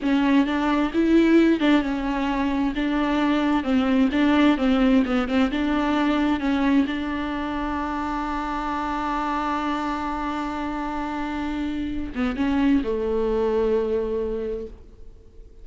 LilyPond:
\new Staff \with { instrumentName = "viola" } { \time 4/4 \tempo 4 = 131 cis'4 d'4 e'4. d'8 | cis'2 d'2 | c'4 d'4 c'4 b8 c'8 | d'2 cis'4 d'4~ |
d'1~ | d'1~ | d'2~ d'8 b8 cis'4 | a1 | }